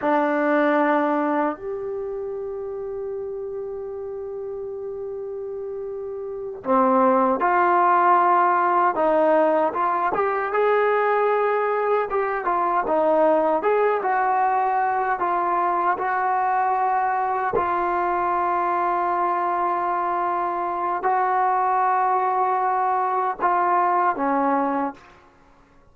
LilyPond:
\new Staff \with { instrumentName = "trombone" } { \time 4/4 \tempo 4 = 77 d'2 g'2~ | g'1~ | g'8 c'4 f'2 dis'8~ | dis'8 f'8 g'8 gis'2 g'8 |
f'8 dis'4 gis'8 fis'4. f'8~ | f'8 fis'2 f'4.~ | f'2. fis'4~ | fis'2 f'4 cis'4 | }